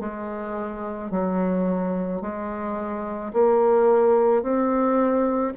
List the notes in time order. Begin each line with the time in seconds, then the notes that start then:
0.00 G#3
1.11 F#3
2.22 G#3
3.33 A#3
4.42 C4